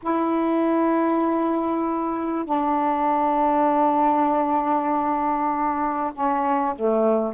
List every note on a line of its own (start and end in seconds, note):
0.02 2.45 E4
2.45 6.12 D4
6.13 6.75 C#4
6.75 7.33 A3